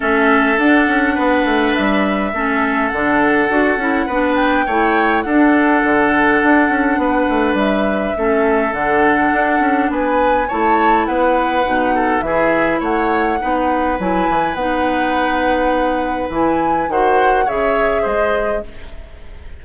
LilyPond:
<<
  \new Staff \with { instrumentName = "flute" } { \time 4/4 \tempo 4 = 103 e''4 fis''2 e''4~ | e''4 fis''2~ fis''8 g''8~ | g''4 fis''2.~ | fis''4 e''2 fis''4~ |
fis''4 gis''4 a''4 fis''4~ | fis''4 e''4 fis''2 | gis''4 fis''2. | gis''4 fis''4 e''4 dis''4 | }
  \new Staff \with { instrumentName = "oboe" } { \time 4/4 a'2 b'2 | a'2. b'4 | cis''4 a'2. | b'2 a'2~ |
a'4 b'4 cis''4 b'4~ | b'8 a'8 gis'4 cis''4 b'4~ | b'1~ | b'4 c''4 cis''4 c''4 | }
  \new Staff \with { instrumentName = "clarinet" } { \time 4/4 cis'4 d'2. | cis'4 d'4 fis'8 e'8 d'4 | e'4 d'2.~ | d'2 cis'4 d'4~ |
d'2 e'2 | dis'4 e'2 dis'4 | e'4 dis'2. | e'4 fis'4 gis'2 | }
  \new Staff \with { instrumentName = "bassoon" } { \time 4/4 a4 d'8 cis'8 b8 a8 g4 | a4 d4 d'8 cis'8 b4 | a4 d'4 d4 d'8 cis'8 | b8 a8 g4 a4 d4 |
d'8 cis'8 b4 a4 b4 | b,4 e4 a4 b4 | fis8 e8 b2. | e4 dis4 cis4 gis4 | }
>>